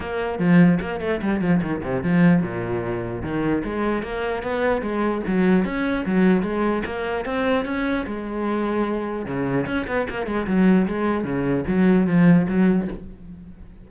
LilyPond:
\new Staff \with { instrumentName = "cello" } { \time 4/4 \tempo 4 = 149 ais4 f4 ais8 a8 g8 f8 | dis8 c8 f4 ais,2 | dis4 gis4 ais4 b4 | gis4 fis4 cis'4 fis4 |
gis4 ais4 c'4 cis'4 | gis2. cis4 | cis'8 b8 ais8 gis8 fis4 gis4 | cis4 fis4 f4 fis4 | }